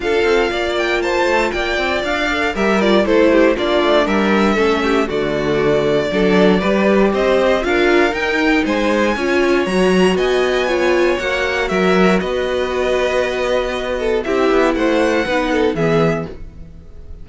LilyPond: <<
  \new Staff \with { instrumentName = "violin" } { \time 4/4 \tempo 4 = 118 f''4. g''8 a''4 g''4 | f''4 e''8 d''8 c''4 d''4 | e''2 d''2~ | d''2 dis''4 f''4 |
g''4 gis''2 ais''4 | gis''2 fis''4 e''4 | dis''1 | e''4 fis''2 e''4 | }
  \new Staff \with { instrumentName = "violin" } { \time 4/4 a'4 d''4 c''4 d''4~ | d''4 ais'4 a'8 g'8 f'4 | ais'4 a'8 g'8 fis'2 | a'4 b'4 c''4 ais'4~ |
ais'4 c''4 cis''2 | dis''4 cis''2 ais'4 | b'2.~ b'8 a'8 | g'4 c''4 b'8 a'8 gis'4 | }
  \new Staff \with { instrumentName = "viola" } { \time 4/4 f'1~ | f'8 a'8 g'8 f'8 e'4 d'4~ | d'4 cis'4 a2 | d'4 g'2 f'4 |
dis'2 f'4 fis'4~ | fis'4 f'4 fis'2~ | fis'1 | e'2 dis'4 b4 | }
  \new Staff \with { instrumentName = "cello" } { \time 4/4 d'8 c'8 ais4. a8 ais8 c'8 | d'4 g4 a4 ais8 a8 | g4 a4 d2 | fis4 g4 c'4 d'4 |
dis'4 gis4 cis'4 fis4 | b2 ais4 fis4 | b1 | c'8 b8 a4 b4 e4 | }
>>